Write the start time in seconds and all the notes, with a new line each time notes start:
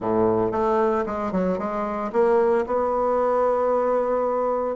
0.00 A2
0.51 A3
1.06 G#3
1.31 F#3
1.58 G#3
2.12 A#3
2.66 B3